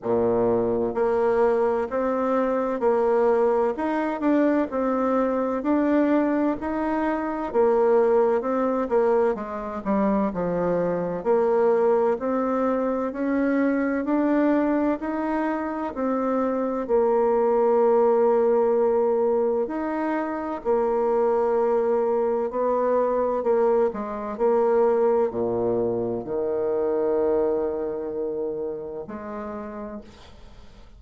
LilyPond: \new Staff \with { instrumentName = "bassoon" } { \time 4/4 \tempo 4 = 64 ais,4 ais4 c'4 ais4 | dis'8 d'8 c'4 d'4 dis'4 | ais4 c'8 ais8 gis8 g8 f4 | ais4 c'4 cis'4 d'4 |
dis'4 c'4 ais2~ | ais4 dis'4 ais2 | b4 ais8 gis8 ais4 ais,4 | dis2. gis4 | }